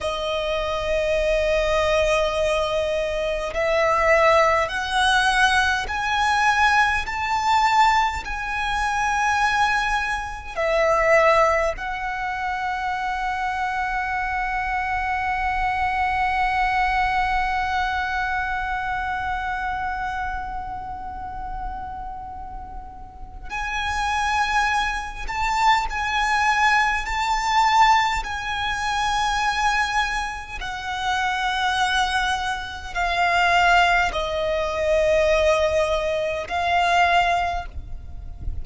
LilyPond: \new Staff \with { instrumentName = "violin" } { \time 4/4 \tempo 4 = 51 dis''2. e''4 | fis''4 gis''4 a''4 gis''4~ | gis''4 e''4 fis''2~ | fis''1~ |
fis''1 | gis''4. a''8 gis''4 a''4 | gis''2 fis''2 | f''4 dis''2 f''4 | }